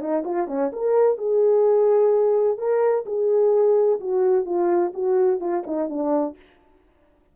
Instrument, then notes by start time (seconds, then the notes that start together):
horn
0.00 D#4
0.25 F4
0.48 C#4
0.73 A#4
1.18 G#4
2.58 A#4
3.06 G#4
4.00 F#4
4.45 F4
4.94 F#4
5.40 F4
5.67 D#4
5.89 D4